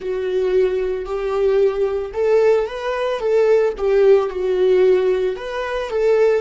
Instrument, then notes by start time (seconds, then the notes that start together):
viola
0.00 F#4
1.05 G4
2.13 A4
2.66 B4
3.19 A4
3.77 G4
4.29 F#4
5.36 B4
5.89 A4